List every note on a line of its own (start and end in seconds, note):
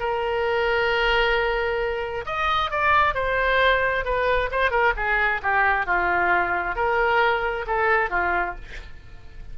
0.00 2.26 A#4
2.26 2.71 D#5
2.71 3.15 D5
3.15 4.05 C5
4.05 4.50 B4
4.52 4.71 C5
4.71 4.94 A#4
4.97 5.42 G#4
5.43 5.86 G4
5.86 6.76 F4
6.76 7.66 A#4
7.67 8.10 A4
8.10 8.55 F4